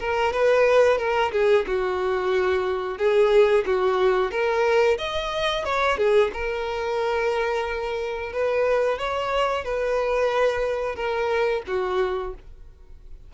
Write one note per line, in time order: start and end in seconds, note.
0.00 0.33 A#4
0.33 0.98 B4
0.98 1.32 A#4
1.32 1.66 G#4
1.67 2.98 F#4
2.98 3.65 G#4
3.67 4.32 F#4
4.32 4.98 A#4
4.98 5.65 D#5
5.65 5.98 C#5
5.98 6.32 G#4
6.34 8.33 A#4
8.33 8.99 B4
8.99 9.65 C#5
9.65 10.96 B4
10.96 11.63 A#4
11.68 12.34 F#4